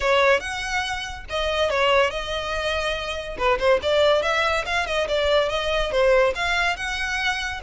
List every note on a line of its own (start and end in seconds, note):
0.00 0.40 C#5
0.40 1.24 F#5
1.29 1.69 D#5
1.69 2.10 C#5
2.10 3.37 D#5
3.37 3.58 B4
3.59 3.80 C5
3.82 4.22 D5
4.22 4.64 E5
4.65 4.86 F5
4.86 5.07 D#5
5.08 5.49 D5
5.49 5.91 D#5
5.91 6.33 C5
6.35 6.76 F5
6.76 7.61 F#5